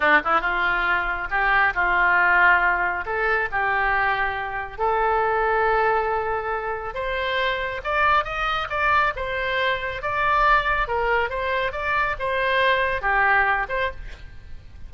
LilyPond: \new Staff \with { instrumentName = "oboe" } { \time 4/4 \tempo 4 = 138 d'8 e'8 f'2 g'4 | f'2. a'4 | g'2. a'4~ | a'1 |
c''2 d''4 dis''4 | d''4 c''2 d''4~ | d''4 ais'4 c''4 d''4 | c''2 g'4. c''8 | }